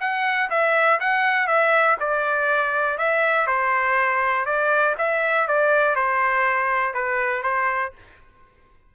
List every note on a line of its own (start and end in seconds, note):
0.00 0.50 F#5
0.50 1.00 E5
1.00 1.47 F#5
1.47 1.97 E5
2.00 2.98 D5
2.98 3.47 E5
3.47 4.46 C5
4.46 4.95 D5
4.98 5.48 E5
5.48 5.96 D5
5.96 6.94 C5
6.94 7.43 B4
7.43 7.93 C5